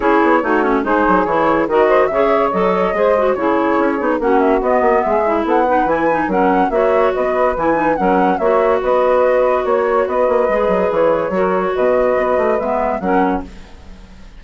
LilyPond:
<<
  \new Staff \with { instrumentName = "flute" } { \time 4/4 \tempo 4 = 143 cis''2 c''4 cis''4 | dis''4 e''4 dis''2 | cis''2 fis''8 e''8 dis''4 | e''4 fis''4 gis''4 fis''4 |
e''4 dis''4 gis''4 fis''4 | e''4 dis''2 cis''4 | dis''2 cis''2 | dis''2 e''4 fis''4 | }
  \new Staff \with { instrumentName = "saxophone" } { \time 4/4 gis'4 fis'4 gis'2 | ais'8 c''8 cis''2 c''4 | gis'2 fis'2 | gis'4 a'8 b'4. ais'4 |
cis''4 b'2 ais'4 | cis''4 b'2 cis''4 | b'2. ais'4 | b'2. ais'4 | }
  \new Staff \with { instrumentName = "clarinet" } { \time 4/4 e'4 dis'8 cis'8 dis'4 e'4 | fis'4 gis'4 a'4 gis'8 fis'8 | e'4. dis'8 cis'4 b4~ | b8 e'4 dis'8 e'8 dis'8 cis'4 |
fis'2 e'8 dis'8 cis'4 | fis'1~ | fis'4 gis'2 fis'4~ | fis'2 b4 cis'4 | }
  \new Staff \with { instrumentName = "bassoon" } { \time 4/4 cis'8 b8 a4 gis8 fis8 e4 | dis4 cis4 fis4 gis4 | cis4 cis'8 b8 ais4 b8 ais8 | gis4 b4 e4 fis4 |
ais4 b4 e4 fis4 | ais4 b2 ais4 | b8 ais8 gis8 fis8 e4 fis4 | b,4 b8 a8 gis4 fis4 | }
>>